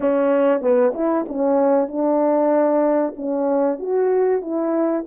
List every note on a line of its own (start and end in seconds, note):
0.00 0.61 C#4
0.61 0.92 B3
0.94 1.25 E4
1.28 1.88 C#4
1.88 3.14 D4
3.16 3.79 C#4
3.79 4.41 F#4
4.41 5.04 E4